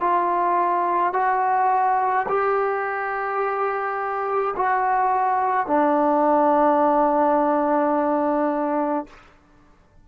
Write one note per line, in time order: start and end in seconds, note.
0.00 1.13 F4
1.13 2.26 F#4
2.28 4.54 G4
4.56 5.67 F#4
5.67 9.06 D4